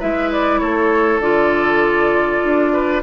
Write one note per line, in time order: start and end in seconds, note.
0.00 0.62 G#3
0.00 1.22 E4
0.00 0.61 B4
0.00 0.31 E5
0.32 0.59 D5
0.59 1.20 A3
0.59 2.73 A4
0.59 1.20 C#5
1.20 2.41 D3
1.20 3.03 F4
1.20 3.03 D5
2.44 3.03 D4
2.73 3.03 B4